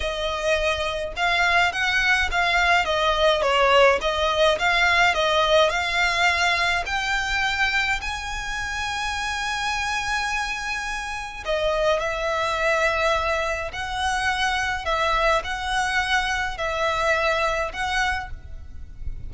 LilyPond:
\new Staff \with { instrumentName = "violin" } { \time 4/4 \tempo 4 = 105 dis''2 f''4 fis''4 | f''4 dis''4 cis''4 dis''4 | f''4 dis''4 f''2 | g''2 gis''2~ |
gis''1 | dis''4 e''2. | fis''2 e''4 fis''4~ | fis''4 e''2 fis''4 | }